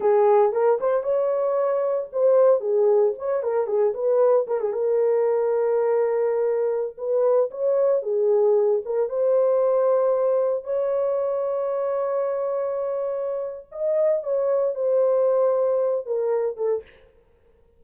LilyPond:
\new Staff \with { instrumentName = "horn" } { \time 4/4 \tempo 4 = 114 gis'4 ais'8 c''8 cis''2 | c''4 gis'4 cis''8 ais'8 gis'8 b'8~ | b'8 ais'16 gis'16 ais'2.~ | ais'4~ ais'16 b'4 cis''4 gis'8.~ |
gis'8. ais'8 c''2~ c''8.~ | c''16 cis''2.~ cis''8.~ | cis''2 dis''4 cis''4 | c''2~ c''8 ais'4 a'8 | }